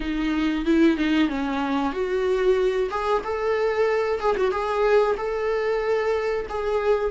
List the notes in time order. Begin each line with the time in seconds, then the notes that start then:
0.00 D#4
0.65 E4
0.97 D#4
1.28 C#4
1.92 F#4
2.90 G#4
3.24 A4
4.19 G#4
4.37 F#4
4.51 G#4
5.17 A4
6.49 G#4